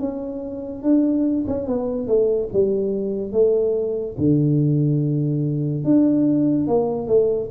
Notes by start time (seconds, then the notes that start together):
0.00 C#4
0.83 D4
1.48 C#4
1.67 B3
2.08 A3
2.54 G3
3.33 A3
4.19 D3
5.85 D4
6.68 A#3
7.08 A3